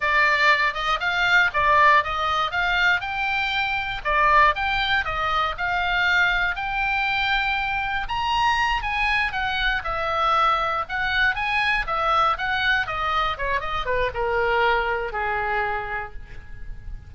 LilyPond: \new Staff \with { instrumentName = "oboe" } { \time 4/4 \tempo 4 = 119 d''4. dis''8 f''4 d''4 | dis''4 f''4 g''2 | d''4 g''4 dis''4 f''4~ | f''4 g''2. |
ais''4. gis''4 fis''4 e''8~ | e''4. fis''4 gis''4 e''8~ | e''8 fis''4 dis''4 cis''8 dis''8 b'8 | ais'2 gis'2 | }